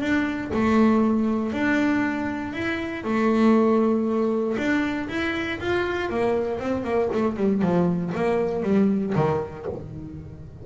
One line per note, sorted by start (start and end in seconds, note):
0.00 0.51 D4
0.53 1.52 A3
1.52 2.53 D4
2.53 3.03 E4
3.04 4.56 A3
4.57 5.08 D4
5.08 5.59 E4
5.60 6.09 F4
6.09 6.59 A#3
6.59 6.84 C4
6.84 7.09 A#3
7.13 7.36 A3
7.36 7.62 G3
7.62 8.12 F3
8.14 8.63 A#3
8.63 9.13 G3
9.15 9.66 D#3